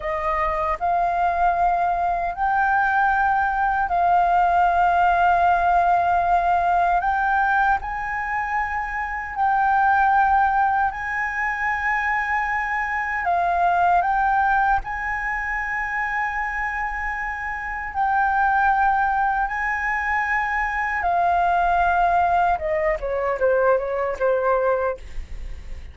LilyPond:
\new Staff \with { instrumentName = "flute" } { \time 4/4 \tempo 4 = 77 dis''4 f''2 g''4~ | g''4 f''2.~ | f''4 g''4 gis''2 | g''2 gis''2~ |
gis''4 f''4 g''4 gis''4~ | gis''2. g''4~ | g''4 gis''2 f''4~ | f''4 dis''8 cis''8 c''8 cis''8 c''4 | }